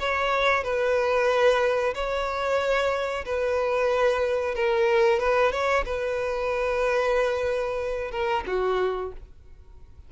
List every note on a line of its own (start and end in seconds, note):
0.00 0.64 C#5
0.64 1.94 B4
1.95 3.25 C#5
3.25 4.55 B4
4.55 5.20 A#4
5.20 5.52 B4
5.52 5.85 C#5
5.86 8.12 B4
8.12 8.45 A#4
8.48 9.13 F#4